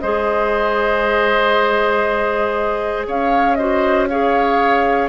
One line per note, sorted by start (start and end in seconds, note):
0.00 3.07 G#3
0.00 3.59 G#4
0.00 3.07 C5
0.00 3.05 D#5
3.07 5.08 C#4
3.07 3.58 C#5
3.07 3.55 F5
3.55 4.10 F#4
3.55 4.09 C5
3.55 4.06 D#5
4.09 5.08 G#4
4.09 5.08 C#5
4.09 5.08 F5